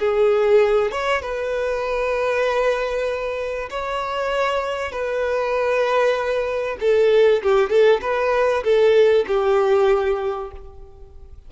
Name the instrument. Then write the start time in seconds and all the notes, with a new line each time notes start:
violin
0.00 G#4
0.92 C#5
1.22 B4
3.71 C#5
4.92 B4
6.81 A4
7.43 G4
7.70 A4
8.02 B4
8.64 A4
9.28 G4